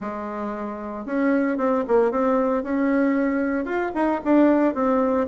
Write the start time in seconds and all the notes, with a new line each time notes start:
0.00 G#3
1.05 C#4
1.57 C4
1.87 A#3
2.11 C4
2.63 C#4
3.65 F4
3.94 D#4
4.24 D4
4.74 C4